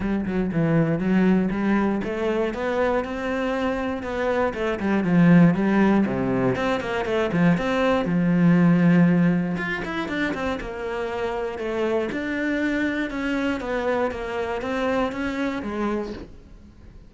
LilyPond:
\new Staff \with { instrumentName = "cello" } { \time 4/4 \tempo 4 = 119 g8 fis8 e4 fis4 g4 | a4 b4 c'2 | b4 a8 g8 f4 g4 | c4 c'8 ais8 a8 f8 c'4 |
f2. f'8 e'8 | d'8 c'8 ais2 a4 | d'2 cis'4 b4 | ais4 c'4 cis'4 gis4 | }